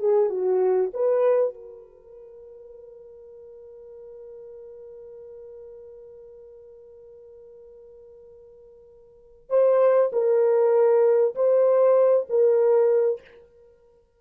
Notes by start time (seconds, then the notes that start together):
0.00 G#4
0.30 F#4
0.94 B4
1.54 A#4
9.50 C5
10.13 A#4
11.35 C5
12.29 A#4